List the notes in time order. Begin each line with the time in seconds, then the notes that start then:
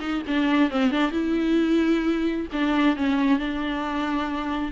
0.00 D#4
0.27 D4
0.71 C4
0.91 D4
1.11 E4
2.52 D4
2.97 C#4
3.39 D4